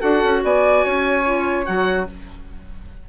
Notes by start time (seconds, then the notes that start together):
0.00 D4 F#4 A4 F#5
0.24 C#4
0.44 B3 D5 G#5
0.85 C#4 C#5
1.26 F4
1.66 F#3 F#4 F#5